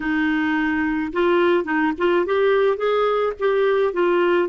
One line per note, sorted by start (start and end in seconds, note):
0.00 1.12 D#4
1.12 1.64 F4
1.64 1.92 D#4
1.98 2.26 F4
2.26 2.77 G4
2.77 3.33 G#4
3.39 3.93 G4
3.93 4.48 F4